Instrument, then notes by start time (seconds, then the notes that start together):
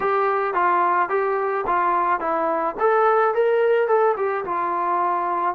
trombone
0.00 G4
0.54 F4
1.09 G4
1.66 F4
2.19 E4
2.79 A4
3.34 A#4
3.87 A4
4.16 G4
4.44 F4